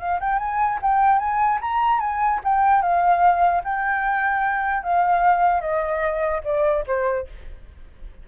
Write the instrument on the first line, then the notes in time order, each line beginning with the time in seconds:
flute
0.00 F5
0.20 G5
0.39 G#5
0.82 G5
1.19 G#5
1.62 A#5
2.00 G#5
2.44 G5
2.82 F5
3.64 G5
4.84 F5
5.61 D#5
6.45 D5
6.87 C5